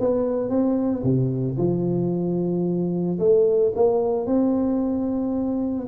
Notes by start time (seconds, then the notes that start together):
0.00 B3
0.49 C4
1.03 C3
1.58 F3
3.19 A3
3.76 A#3
4.27 C4